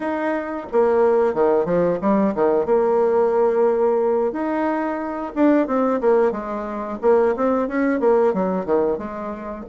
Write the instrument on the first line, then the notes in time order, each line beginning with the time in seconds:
bassoon
0.00 D#4
0.72 A#3
1.33 D#3
1.65 F3
2.01 G3
2.35 D#3
2.65 A#3
4.32 D#4
5.35 D4
5.67 C4
6.00 A#3
6.32 G#3
7.02 A#3
7.35 C4
7.68 C#4
8.00 A#3
8.33 F#3
8.65 D#3
8.98 G#3